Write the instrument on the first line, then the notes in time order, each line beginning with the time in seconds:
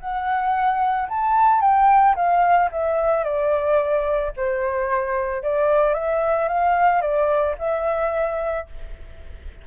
flute
0.00 F#5
1.09 A5
1.61 G5
2.15 F5
2.71 E5
3.24 D5
4.37 C5
5.43 D5
5.94 E5
6.48 F5
7.01 D5
7.58 E5